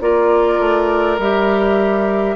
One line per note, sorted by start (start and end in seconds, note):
0.00 0.59 A#3
0.00 1.18 F4
0.00 2.36 A#4
0.00 1.19 D5
0.59 1.18 A3
1.18 2.36 G3
1.18 2.36 G4
1.18 2.36 E5